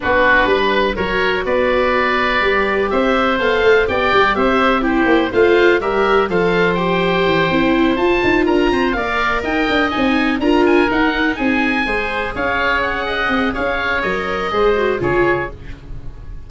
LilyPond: <<
  \new Staff \with { instrumentName = "oboe" } { \time 4/4 \tempo 4 = 124 b'2 cis''4 d''4~ | d''2 e''4 f''4 | g''4 e''4 c''4 f''4 | e''4 f''4 g''2~ |
g''8 a''4 ais''4 f''4 g''8~ | g''8 gis''4 ais''8 gis''8 fis''4 gis''8~ | gis''4. f''4 fis''4. | f''4 dis''2 cis''4 | }
  \new Staff \with { instrumentName = "oboe" } { \time 4/4 fis'4 b'4 ais'4 b'4~ | b'2 c''2 | d''4 c''4 g'4 c''4 | ais'4 c''2.~ |
c''4. ais'8 c''8 d''4 dis''8~ | dis''4. ais'2 gis'8~ | gis'8 c''4 cis''4. dis''4 | cis''2 c''4 gis'4 | }
  \new Staff \with { instrumentName = "viola" } { \time 4/4 d'2 fis'2~ | fis'4 g'2 a'4 | g'2 e'4 f'4 | g'4 a'4 g'4. e'8~ |
e'8 f'2 ais'4.~ | ais'8 dis'4 f'4 dis'4.~ | dis'8 gis'2.~ gis'8~ | gis'4 ais'4 gis'8 fis'8 f'4 | }
  \new Staff \with { instrumentName = "tuba" } { \time 4/4 b4 g4 fis4 b4~ | b4 g4 c'4 b8 a8 | b8 g8 c'4. ais8 a4 | g4 f2 e8 c'8~ |
c'8 f'8 dis'8 d'8 c'8 ais4 dis'8 | d'8 c'4 d'4 dis'4 c'8~ | c'8 gis4 cis'2 c'8 | cis'4 fis4 gis4 cis4 | }
>>